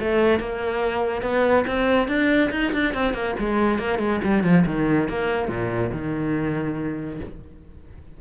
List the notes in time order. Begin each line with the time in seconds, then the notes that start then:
0.00 A3
0.40 A#3
1.22 B3
1.67 C4
2.08 D4
2.51 D#4
2.73 D4
2.94 C4
3.14 A#3
3.40 G#3
3.79 A#3
3.99 G#3
4.24 G3
4.44 F3
4.67 D#3
5.09 A#3
5.49 A#2
5.93 D#3